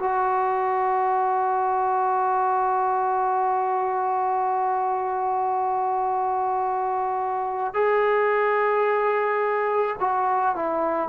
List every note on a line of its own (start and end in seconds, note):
0.00 7.74 F#4
7.74 9.96 G#4
10.01 10.56 F#4
10.56 11.10 E4